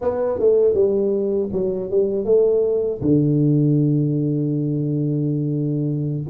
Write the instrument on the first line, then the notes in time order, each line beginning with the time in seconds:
tuba
0.01 B3
0.39 A3
0.74 G3
1.52 F#3
1.90 G3
2.24 A3
3.01 D3